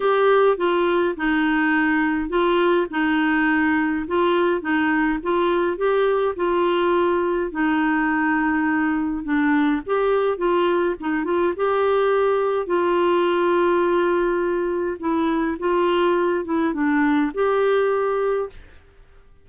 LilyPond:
\new Staff \with { instrumentName = "clarinet" } { \time 4/4 \tempo 4 = 104 g'4 f'4 dis'2 | f'4 dis'2 f'4 | dis'4 f'4 g'4 f'4~ | f'4 dis'2. |
d'4 g'4 f'4 dis'8 f'8 | g'2 f'2~ | f'2 e'4 f'4~ | f'8 e'8 d'4 g'2 | }